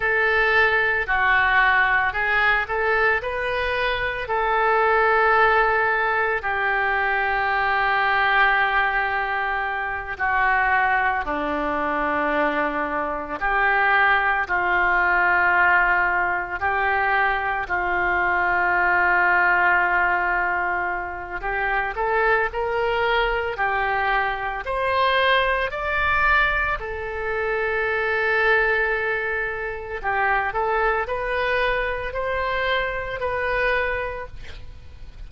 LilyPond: \new Staff \with { instrumentName = "oboe" } { \time 4/4 \tempo 4 = 56 a'4 fis'4 gis'8 a'8 b'4 | a'2 g'2~ | g'4. fis'4 d'4.~ | d'8 g'4 f'2 g'8~ |
g'8 f'2.~ f'8 | g'8 a'8 ais'4 g'4 c''4 | d''4 a'2. | g'8 a'8 b'4 c''4 b'4 | }